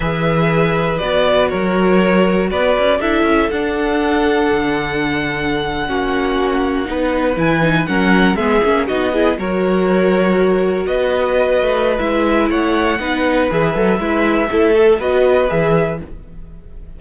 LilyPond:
<<
  \new Staff \with { instrumentName = "violin" } { \time 4/4 \tempo 4 = 120 e''2 d''4 cis''4~ | cis''4 d''4 e''4 fis''4~ | fis''1~ | fis''2~ fis''8. gis''4 fis''16~ |
fis''8. e''4 dis''4 cis''4~ cis''16~ | cis''4.~ cis''16 dis''2~ dis''16 | e''4 fis''2 e''4~ | e''2 dis''4 e''4 | }
  \new Staff \with { instrumentName = "violin" } { \time 4/4 b'2. ais'4~ | ais'4 b'4 a'2~ | a'2.~ a'8. fis'16~ | fis'4.~ fis'16 b'2 ais'16~ |
ais'8. gis'4 fis'8 gis'8 ais'4~ ais'16~ | ais'4.~ ais'16 b'2~ b'16~ | b'4 cis''4 b'2 | e'4 a'4 b'2 | }
  \new Staff \with { instrumentName = "viola" } { \time 4/4 gis'2 fis'2~ | fis'2 e'4 d'4~ | d'2.~ d'8. cis'16~ | cis'4.~ cis'16 dis'4 e'8 dis'8 cis'16~ |
cis'8. b8 cis'8 dis'8 e'8 fis'4~ fis'16~ | fis'1 | e'2 dis'4 gis'8 a'8 | b'4 e'8 a'8 fis'4 gis'4 | }
  \new Staff \with { instrumentName = "cello" } { \time 4/4 e2 b4 fis4~ | fis4 b8 cis'8 d'8 cis'8 d'4~ | d'4 d2~ d8. ais16~ | ais4.~ ais16 b4 e4 fis16~ |
fis8. gis8 ais8 b4 fis4~ fis16~ | fis4.~ fis16 b4. a8. | gis4 a4 b4 e8 fis8 | gis4 a4 b4 e4 | }
>>